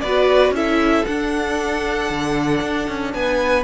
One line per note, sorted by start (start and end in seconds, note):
0.00 0.50 B3
0.00 0.55 F#4
0.00 0.55 B4
0.00 0.52 D5
0.50 1.02 C#4
0.50 1.07 E4
0.50 3.14 A4
0.50 1.05 E5
1.05 3.64 D4
1.05 2.10 D4
1.05 3.12 F#5
2.10 2.62 D3
2.62 2.88 D4
2.88 3.14 C#4
3.14 3.64 B3
3.14 3.64 B4
3.14 3.64 G#5